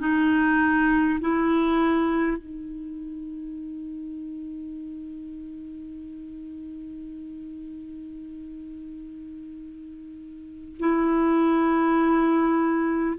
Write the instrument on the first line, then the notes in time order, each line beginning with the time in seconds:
clarinet
0.00 D#4
1.21 E4
2.38 D#4
10.80 E4